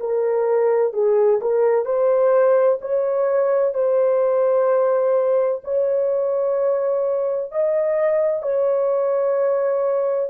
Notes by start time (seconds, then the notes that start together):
0.00 A#4
0.93 G#4
1.41 A#4
1.85 C5
2.81 C#5
3.74 C5
5.65 C#5
7.52 D#5
8.43 C#5